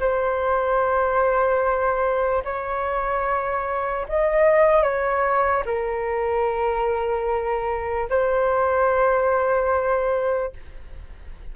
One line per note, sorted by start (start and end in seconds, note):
0.00 2.43 C5
2.45 4.07 C#5
4.08 4.83 D#5
4.83 5.64 C#5
5.66 8.09 A#4
8.10 10.53 C5